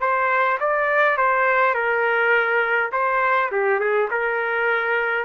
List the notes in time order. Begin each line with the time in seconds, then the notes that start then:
0.00 C5
0.60 D5
1.17 C5
1.74 A#4
2.92 C5
3.52 G4
3.80 G#4
4.11 A#4